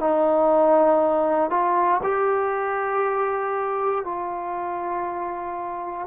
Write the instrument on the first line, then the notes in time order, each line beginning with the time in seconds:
trombone
0.00 D#4
1.51 F4
2.03 G4
4.05 F4